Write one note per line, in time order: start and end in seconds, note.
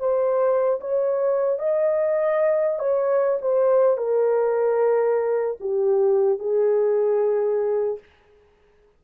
0.00 0.80 C5
0.81 1.59 C#5
1.59 2.79 D#5
2.79 3.39 C#5
3.41 3.98 C5
3.98 5.57 A#4
5.60 6.39 G4
6.39 7.99 G#4